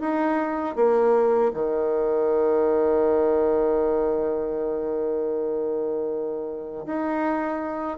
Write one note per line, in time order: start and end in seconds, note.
0.00 0.76 D#4
0.76 1.52 A#3
1.54 6.85 D#3
6.86 7.97 D#4